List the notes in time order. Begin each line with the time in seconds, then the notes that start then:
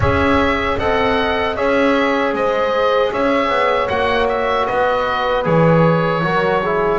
0.00 C#4 G#4 C#5 E5
0.78 C4 A4 D#5 F#5
1.56 C#4 G#4 C#5 E5
2.33 G#3 C5 D#5
3.12 C#4 C#5 E5
3.49 B3
3.88 A#3 F#4 F#5
4.28 E5
4.66 B3 B4 D#5
5.44 E3 G#4 C#5
6.22 F#3 F#4 A#4
6.62 E4 G#4